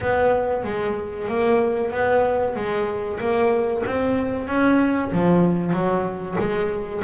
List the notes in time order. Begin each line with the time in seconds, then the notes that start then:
0.00 B3
0.64 G#3
1.28 A#3
1.91 B3
2.55 G#3
3.19 A#3
3.86 C4
4.47 C#4
5.12 F3
5.73 F#3
6.39 G#3